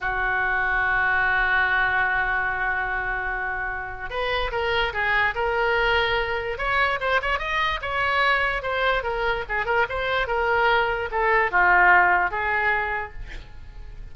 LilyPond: \new Staff \with { instrumentName = "oboe" } { \time 4/4 \tempo 4 = 146 fis'1~ | fis'1~ | fis'2 b'4 ais'4 | gis'4 ais'2. |
cis''4 c''8 cis''8 dis''4 cis''4~ | cis''4 c''4 ais'4 gis'8 ais'8 | c''4 ais'2 a'4 | f'2 gis'2 | }